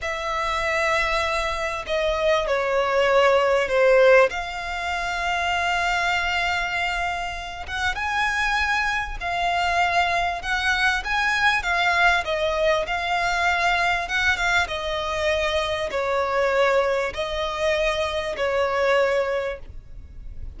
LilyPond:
\new Staff \with { instrumentName = "violin" } { \time 4/4 \tempo 4 = 98 e''2. dis''4 | cis''2 c''4 f''4~ | f''1~ | f''8 fis''8 gis''2 f''4~ |
f''4 fis''4 gis''4 f''4 | dis''4 f''2 fis''8 f''8 | dis''2 cis''2 | dis''2 cis''2 | }